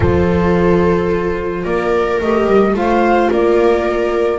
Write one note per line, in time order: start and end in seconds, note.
0.00 1.63 F3
0.00 2.20 F4
0.00 1.63 A4
0.00 1.64 C5
1.63 2.19 A#3
1.63 2.73 A#4
1.63 2.19 D5
2.20 2.46 A3
2.20 2.74 G4
2.20 2.75 D#5
2.46 2.73 G3
2.73 3.28 A3
2.73 4.38 F4
2.73 3.30 C5
2.73 3.31 F5
3.30 4.38 A#3
3.30 4.38 A#4
3.30 4.38 D5